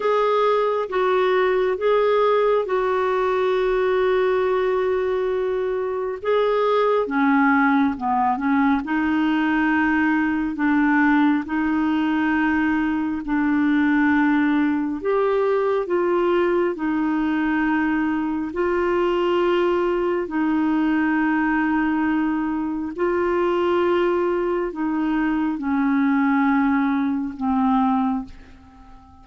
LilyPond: \new Staff \with { instrumentName = "clarinet" } { \time 4/4 \tempo 4 = 68 gis'4 fis'4 gis'4 fis'4~ | fis'2. gis'4 | cis'4 b8 cis'8 dis'2 | d'4 dis'2 d'4~ |
d'4 g'4 f'4 dis'4~ | dis'4 f'2 dis'4~ | dis'2 f'2 | dis'4 cis'2 c'4 | }